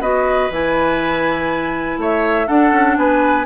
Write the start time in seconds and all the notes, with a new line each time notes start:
0.00 B3 F#4 B4 D#5
0.50 E3 E4 G#5
1.97 A3 C#5 E5
2.47 D4 A4 F#5
2.72 C#4
2.97 B3 B4 G#5